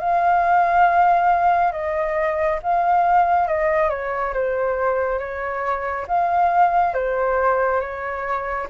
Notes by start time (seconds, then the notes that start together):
0.00 F5
1.72 D#5
2.63 F5
3.48 D#5
3.90 C#5
4.34 C5
5.19 C#5
6.08 F5
6.94 C5
7.81 C#5